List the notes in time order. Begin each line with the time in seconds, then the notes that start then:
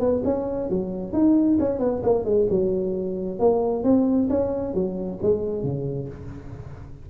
0.00 B3
0.25 C#4
0.70 F#3
1.13 D#4
1.60 C#4
1.79 B3
2.03 A#3
2.25 G#3
2.50 F#3
3.39 A#3
3.83 C4
4.30 C#4
4.74 F#3
5.22 G#3
5.63 C#3